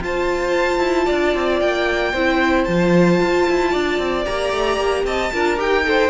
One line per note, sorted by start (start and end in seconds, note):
0.00 0.78 F4
0.00 2.14 F4
0.00 1.05 C5
0.00 1.60 A5
0.78 1.05 E4
1.05 1.35 D4
1.05 2.11 D5
1.35 1.61 C4
1.60 2.13 A#3
1.60 2.64 G5
2.12 2.66 C4
2.12 2.68 E4
2.12 3.71 C5
2.64 3.20 F3
2.64 4.25 F4
2.64 4.23 A5
3.21 3.47 F4
3.49 3.74 E4
3.71 3.98 D4
3.71 5.04 D5
3.98 4.24 C4
4.25 4.52 A#3
4.25 5.31 G4
4.25 5.05 A#5
4.52 4.77 A3
4.77 5.03 A#3
5.04 5.31 C4
5.04 5.32 D#5
5.04 5.59 A5
5.33 5.58 D4
5.33 5.57 F4
5.33 5.86 A#4
5.57 6.10 D#4
5.57 5.83 G4
5.57 6.10 G5
5.84 6.10 A4
5.84 6.10 C5